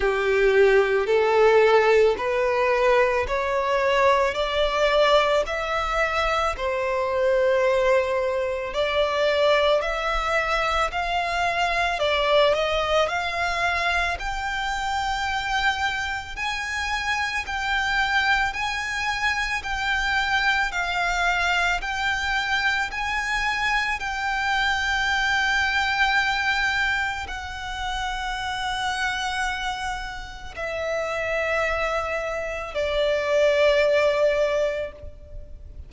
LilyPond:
\new Staff \with { instrumentName = "violin" } { \time 4/4 \tempo 4 = 55 g'4 a'4 b'4 cis''4 | d''4 e''4 c''2 | d''4 e''4 f''4 d''8 dis''8 | f''4 g''2 gis''4 |
g''4 gis''4 g''4 f''4 | g''4 gis''4 g''2~ | g''4 fis''2. | e''2 d''2 | }